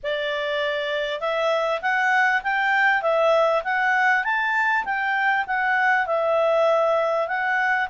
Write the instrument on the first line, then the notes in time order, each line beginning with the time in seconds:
clarinet
0.03 D5
1.20 E5
1.81 F#5
2.43 G5
3.02 E5
3.64 F#5
4.23 A5
4.84 G5
5.46 F#5
6.06 E5
7.27 F#5